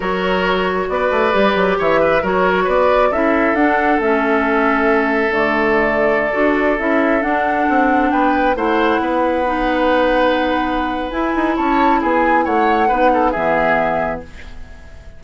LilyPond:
<<
  \new Staff \with { instrumentName = "flute" } { \time 4/4 \tempo 4 = 135 cis''2 d''2 | e''4 cis''4 d''4 e''4 | fis''4 e''2. | d''2.~ d''16 e''8.~ |
e''16 fis''2 g''4 fis''8.~ | fis''1~ | fis''4 gis''4 a''4 gis''4 | fis''2 e''2 | }
  \new Staff \with { instrumentName = "oboe" } { \time 4/4 ais'2 b'2 | cis''8 b'8 ais'4 b'4 a'4~ | a'1~ | a'1~ |
a'2~ a'16 b'4 c''8.~ | c''16 b'2.~ b'8.~ | b'2 cis''4 gis'4 | cis''4 b'8 a'8 gis'2 | }
  \new Staff \with { instrumentName = "clarinet" } { \time 4/4 fis'2. g'4~ | g'4 fis'2 e'4 | d'4 cis'2. | a2~ a16 fis'4 e'8.~ |
e'16 d'2. e'8.~ | e'4~ e'16 dis'2~ dis'8.~ | dis'4 e'2.~ | e'4 dis'4 b2 | }
  \new Staff \with { instrumentName = "bassoon" } { \time 4/4 fis2 b8 a8 g8 fis8 | e4 fis4 b4 cis'4 | d'4 a2. | d2~ d16 d'4 cis'8.~ |
cis'16 d'4 c'4 b4 a8.~ | a16 b2.~ b8.~ | b4 e'8 dis'8 cis'4 b4 | a4 b4 e2 | }
>>